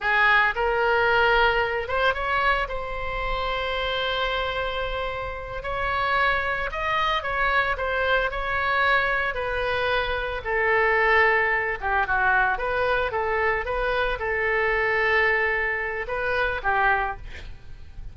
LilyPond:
\new Staff \with { instrumentName = "oboe" } { \time 4/4 \tempo 4 = 112 gis'4 ais'2~ ais'8 c''8 | cis''4 c''2.~ | c''2~ c''8 cis''4.~ | cis''8 dis''4 cis''4 c''4 cis''8~ |
cis''4. b'2 a'8~ | a'2 g'8 fis'4 b'8~ | b'8 a'4 b'4 a'4.~ | a'2 b'4 g'4 | }